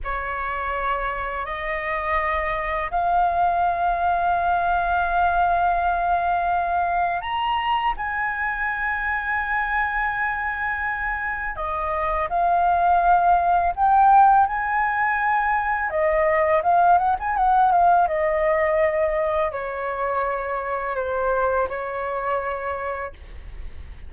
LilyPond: \new Staff \with { instrumentName = "flute" } { \time 4/4 \tempo 4 = 83 cis''2 dis''2 | f''1~ | f''2 ais''4 gis''4~ | gis''1 |
dis''4 f''2 g''4 | gis''2 dis''4 f''8 fis''16 gis''16 | fis''8 f''8 dis''2 cis''4~ | cis''4 c''4 cis''2 | }